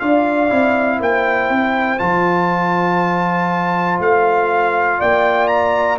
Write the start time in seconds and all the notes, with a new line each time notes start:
0.00 D4 F4 D5 F5
0.50 C4 E4
0.99 A#3 C5 G5
1.50 C4
1.99 F3 F4 A5
4.00 A3 F5
4.99 A#3 D5 G5
5.48 A#5